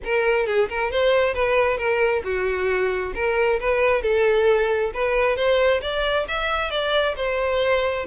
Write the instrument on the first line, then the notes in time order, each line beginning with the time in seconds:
violin
0.04 A#4
0.46 G#4
0.69 A#4
0.91 C5
1.34 B4
1.77 A#4
2.23 F#4
3.14 A#4
3.60 B4
4.02 A4
4.94 B4
5.36 C5
5.81 D5
6.28 E5
6.70 D5
7.16 C5